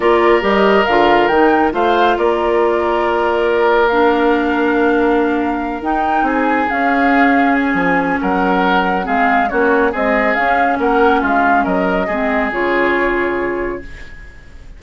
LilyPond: <<
  \new Staff \with { instrumentName = "flute" } { \time 4/4 \tempo 4 = 139 d''4 dis''4 f''4 g''4 | f''4 d''2.~ | d''4 f''2.~ | f''4. g''4 gis''4 f''8~ |
f''4. gis''4. fis''4~ | fis''4 f''4 cis''4 dis''4 | f''4 fis''4 f''4 dis''4~ | dis''4 cis''2. | }
  \new Staff \with { instrumentName = "oboe" } { \time 4/4 ais'1 | c''4 ais'2.~ | ais'1~ | ais'2~ ais'8 gis'4.~ |
gis'2. ais'4~ | ais'4 gis'4 fis'4 gis'4~ | gis'4 ais'4 f'4 ais'4 | gis'1 | }
  \new Staff \with { instrumentName = "clarinet" } { \time 4/4 f'4 g'4 f'4 dis'4 | f'1~ | f'4 d'2.~ | d'4. dis'2 cis'8~ |
cis'1~ | cis'4 c'4 cis'4 gis4 | cis'1 | c'4 f'2. | }
  \new Staff \with { instrumentName = "bassoon" } { \time 4/4 ais4 g4 d4 dis4 | a4 ais2.~ | ais1~ | ais4. dis'4 c'4 cis'8~ |
cis'2 f4 fis4~ | fis4 gis4 ais4 c'4 | cis'4 ais4 gis4 fis4 | gis4 cis2. | }
>>